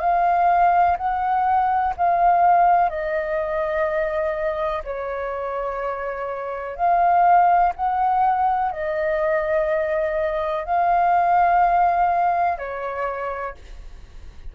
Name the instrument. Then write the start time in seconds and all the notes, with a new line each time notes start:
flute
0.00 F5
0.97 F#5
1.97 F5
2.89 D#5
4.84 C#5
6.76 F5
7.76 F#5
8.72 D#5
10.65 F5
12.59 C#5